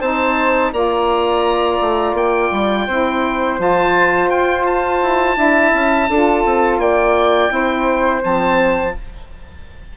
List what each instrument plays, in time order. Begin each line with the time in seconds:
0.00 bassoon C4, saxophone D#4, flute C5, oboe A5
0.72 bassoon A#3, saxophone F4, flute D5, oboe A#5
1.81 bassoon A3
2.13 bassoon A#3, oboe G5
2.52 bassoon G3
2.87 bassoon C4, saxophone E4, flute C5
3.58 bassoon F3, saxophone F4, oboe A5
4.30 bassoon F4, oboe G5
4.66 oboe A5
5.02 bassoon E4
5.36 bassoon D4, saxophone E4, flute E5
5.74 bassoon C#4
6.09 bassoon D4, saxophone F4, flute A4
6.45 bassoon C4
6.78 bassoon A#3, flute D5, oboe G5
7.49 bassoon C4, saxophone E4, flute C5
8.22 bassoon F3, saxophone C4, oboe A5